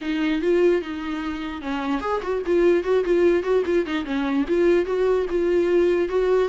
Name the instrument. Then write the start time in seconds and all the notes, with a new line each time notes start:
viola
0.01 D#4
0.41 F4
0.81 D#4
1.61 C#4
2.01 G#4
2.22 F#4
2.45 F4
2.83 F#4
3.04 F4
3.43 F#4
3.65 F4
3.86 D#4
4.04 C#4
4.47 F4
4.85 F#4
5.29 F4
6.08 F#4